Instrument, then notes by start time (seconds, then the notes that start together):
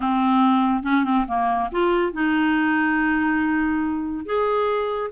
clarinet
0.00 C4
0.83 C#4
1.04 C4
1.27 A#3
1.71 F4
2.13 D#4
4.25 G#4